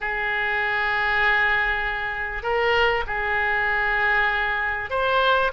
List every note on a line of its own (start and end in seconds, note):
0.00 2.42 G#4
2.42 3.04 A#4
3.06 4.90 G#4
4.90 5.51 C5